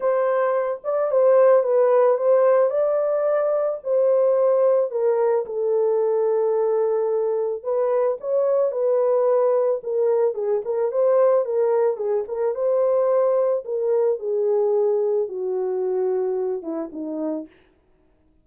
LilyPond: \new Staff \with { instrumentName = "horn" } { \time 4/4 \tempo 4 = 110 c''4. d''8 c''4 b'4 | c''4 d''2 c''4~ | c''4 ais'4 a'2~ | a'2 b'4 cis''4 |
b'2 ais'4 gis'8 ais'8 | c''4 ais'4 gis'8 ais'8 c''4~ | c''4 ais'4 gis'2 | fis'2~ fis'8 e'8 dis'4 | }